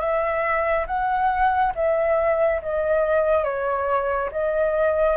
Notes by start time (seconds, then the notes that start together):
0.00 E5
0.86 F#5
1.75 E5
2.62 D#5
3.44 C#5
4.31 D#5